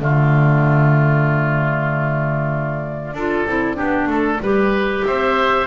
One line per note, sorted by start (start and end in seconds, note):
0.00 3.14 D3
0.00 3.16 A3
0.00 3.15 F4
0.00 5.05 D5
3.14 3.45 D4
3.14 3.48 F4
3.14 3.77 A4
3.47 3.78 C4
3.47 3.76 E4
3.76 4.07 B3
3.76 4.39 D4
3.76 4.08 G4
4.07 4.39 A3
4.07 4.42 A4
4.41 5.04 G3
4.41 5.68 G4
4.41 5.06 B4
5.05 5.68 C4
5.05 5.68 C5
5.05 5.68 E5